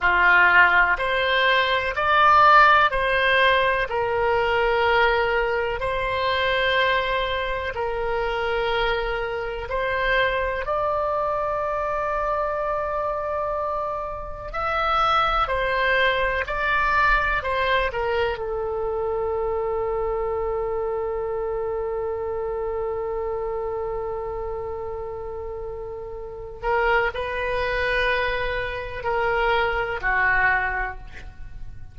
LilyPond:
\new Staff \with { instrumentName = "oboe" } { \time 4/4 \tempo 4 = 62 f'4 c''4 d''4 c''4 | ais'2 c''2 | ais'2 c''4 d''4~ | d''2. e''4 |
c''4 d''4 c''8 ais'8 a'4~ | a'1~ | a'2.~ a'8 ais'8 | b'2 ais'4 fis'4 | }